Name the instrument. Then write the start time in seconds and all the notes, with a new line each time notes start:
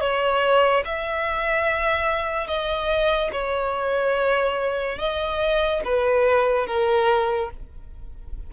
violin
0.00 C#5
0.85 E5
2.47 D#5
3.32 C#5
4.98 D#5
5.84 B4
6.66 A#4